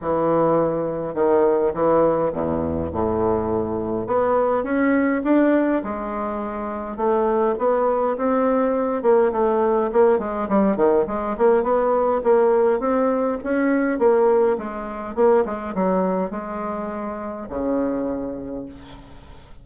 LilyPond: \new Staff \with { instrumentName = "bassoon" } { \time 4/4 \tempo 4 = 103 e2 dis4 e4 | e,4 a,2 b4 | cis'4 d'4 gis2 | a4 b4 c'4. ais8 |
a4 ais8 gis8 g8 dis8 gis8 ais8 | b4 ais4 c'4 cis'4 | ais4 gis4 ais8 gis8 fis4 | gis2 cis2 | }